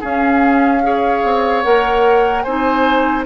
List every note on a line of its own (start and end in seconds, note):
0.00 0.82 C#4
0.00 1.23 C#4
0.00 0.81 G#4
0.00 1.62 F5
0.82 1.63 G#4
0.82 2.43 C#5
1.23 1.64 C4
1.62 2.45 A#3
1.62 2.44 A#4
1.62 2.41 F#5
2.41 3.25 C4
2.41 3.25 D#4
2.41 3.24 C5
2.41 3.22 G#5